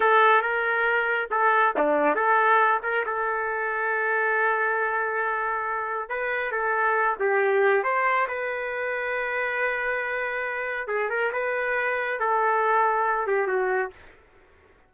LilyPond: \new Staff \with { instrumentName = "trumpet" } { \time 4/4 \tempo 4 = 138 a'4 ais'2 a'4 | d'4 a'4. ais'8 a'4~ | a'1~ | a'2 b'4 a'4~ |
a'8 g'4. c''4 b'4~ | b'1~ | b'4 gis'8 ais'8 b'2 | a'2~ a'8 g'8 fis'4 | }